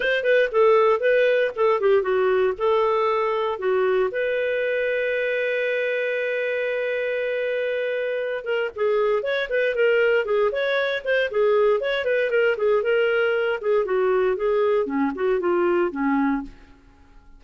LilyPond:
\new Staff \with { instrumentName = "clarinet" } { \time 4/4 \tempo 4 = 117 c''8 b'8 a'4 b'4 a'8 g'8 | fis'4 a'2 fis'4 | b'1~ | b'1~ |
b'8 ais'8 gis'4 cis''8 b'8 ais'4 | gis'8 cis''4 c''8 gis'4 cis''8 b'8 | ais'8 gis'8 ais'4. gis'8 fis'4 | gis'4 cis'8 fis'8 f'4 cis'4 | }